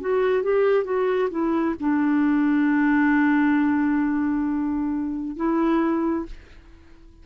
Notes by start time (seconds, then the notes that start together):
0.00 F#4
0.43 G4
0.84 F#4
1.30 E4
1.80 D4
5.36 E4